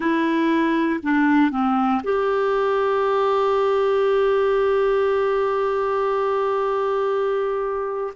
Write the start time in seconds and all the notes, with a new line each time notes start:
0.00 E4
1.03 D4
1.50 C4
2.03 G4